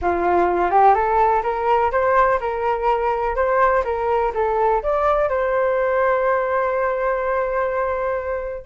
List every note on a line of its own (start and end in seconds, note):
0.01 0.70 F4
0.70 0.94 G4
0.94 1.42 A4
1.43 1.91 A#4
1.91 2.39 C5
2.40 3.35 A#4
3.35 3.83 C5
3.84 4.32 A#4
4.34 4.82 A4
4.82 5.29 D5
5.29 8.65 C5